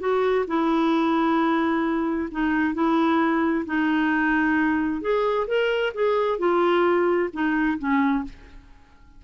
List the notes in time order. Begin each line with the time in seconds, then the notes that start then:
0.00 F#4
0.47 E4
2.32 D#4
2.74 E4
3.66 D#4
5.02 G#4
5.48 A#4
5.94 G#4
6.39 F4
7.33 D#4
7.79 C#4